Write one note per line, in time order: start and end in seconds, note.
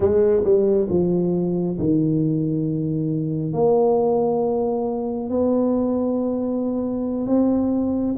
0.00 0.43 G#3
0.44 0.88 G3
0.89 1.77 F3
1.78 3.53 D#3
3.53 5.29 A#3
5.29 7.26 B3
7.26 8.15 C4